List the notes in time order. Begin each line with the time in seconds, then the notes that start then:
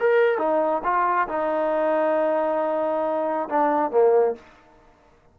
0.00 A#4
0.39 D#4
0.84 F4
1.29 D#4
3.49 D4
3.91 A#3